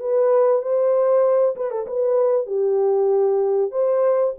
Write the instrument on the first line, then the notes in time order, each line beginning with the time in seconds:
horn
0.00 B4
0.62 C5
1.56 B4
1.71 A4
1.87 B4
2.47 G4
3.72 C5